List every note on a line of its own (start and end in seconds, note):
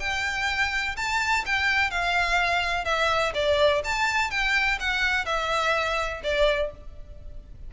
0.00 0.96 G5
0.97 1.45 A5
1.46 1.91 G5
1.91 2.85 F5
2.85 3.33 E5
3.34 3.82 D5
3.85 4.31 A5
4.31 4.79 G5
4.80 5.26 F#5
5.26 6.22 E5
6.24 6.72 D5